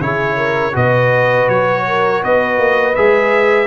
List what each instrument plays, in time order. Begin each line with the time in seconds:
0.00 tuba C#3, trombone E4, horn G#4, trumpet C#5
0.36 horn A#4
0.72 tuba B2, trombone F#4, horn B4, trumpet D#5
1.48 tuba F#3, trumpet C#5
1.87 horn A#4
2.22 tuba B3, horn B4, trumpet D#5
2.58 tuba A#3
2.95 tuba G#3, trombone G#4, trumpet E5